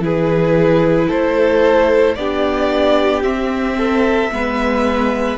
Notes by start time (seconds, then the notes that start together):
0.00 E3 E4 G#4 B4
1.07 A3 A4 C5
2.15 B3 D4 G4 D5
3.23 C4 E5
3.77 A4
4.31 G#3 B3 B4